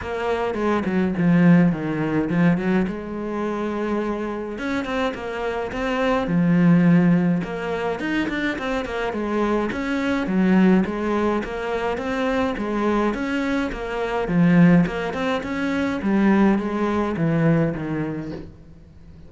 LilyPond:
\new Staff \with { instrumentName = "cello" } { \time 4/4 \tempo 4 = 105 ais4 gis8 fis8 f4 dis4 | f8 fis8 gis2. | cis'8 c'8 ais4 c'4 f4~ | f4 ais4 dis'8 d'8 c'8 ais8 |
gis4 cis'4 fis4 gis4 | ais4 c'4 gis4 cis'4 | ais4 f4 ais8 c'8 cis'4 | g4 gis4 e4 dis4 | }